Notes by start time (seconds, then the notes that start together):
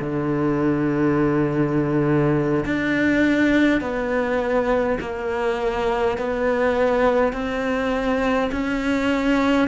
0.00 D3
2.65 D4
3.81 B3
5.00 A#3
6.18 B3
7.33 C4
8.51 C#4